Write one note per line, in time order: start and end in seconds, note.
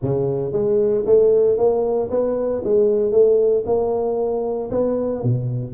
0.01 0.52 C#3
0.52 1.04 G#3
1.06 1.57 A3
1.57 2.09 A#3
2.10 2.62 B3
2.63 3.11 G#3
3.11 3.64 A3
3.65 4.70 A#3
4.70 5.22 B3
5.22 5.73 B2